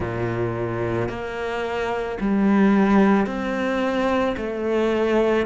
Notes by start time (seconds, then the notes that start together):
0.00 A#2
1.09 A#3
2.20 G3
3.26 C4
4.36 A3